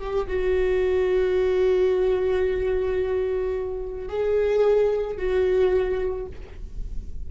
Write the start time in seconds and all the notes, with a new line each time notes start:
0.00 G4
0.28 F#4
4.09 G#4
5.18 F#4